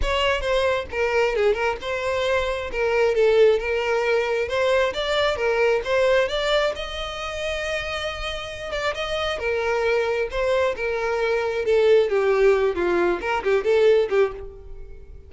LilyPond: \new Staff \with { instrumentName = "violin" } { \time 4/4 \tempo 4 = 134 cis''4 c''4 ais'4 gis'8 ais'8 | c''2 ais'4 a'4 | ais'2 c''4 d''4 | ais'4 c''4 d''4 dis''4~ |
dis''2.~ dis''8 d''8 | dis''4 ais'2 c''4 | ais'2 a'4 g'4~ | g'8 f'4 ais'8 g'8 a'4 g'8 | }